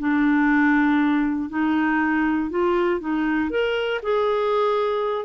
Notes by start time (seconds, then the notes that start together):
0.00 D4
1.50 D#4
2.50 F4
3.00 D#4
3.50 A#4
4.03 G#4